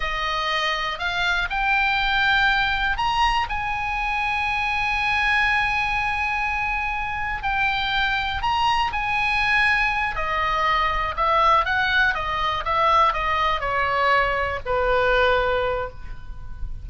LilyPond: \new Staff \with { instrumentName = "oboe" } { \time 4/4 \tempo 4 = 121 dis''2 f''4 g''4~ | g''2 ais''4 gis''4~ | gis''1~ | gis''2. g''4~ |
g''4 ais''4 gis''2~ | gis''8 dis''2 e''4 fis''8~ | fis''8 dis''4 e''4 dis''4 cis''8~ | cis''4. b'2~ b'8 | }